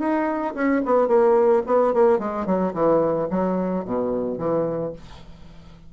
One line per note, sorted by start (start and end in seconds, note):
0.00 0.55 D#4
0.55 0.82 C#4
0.86 1.08 B3
1.08 1.63 A#3
1.67 1.94 B3
1.94 2.19 A#3
2.19 2.46 G#3
2.47 2.74 F#3
2.74 3.29 E3
3.31 3.85 F#3
3.85 4.39 B2
4.39 4.93 E3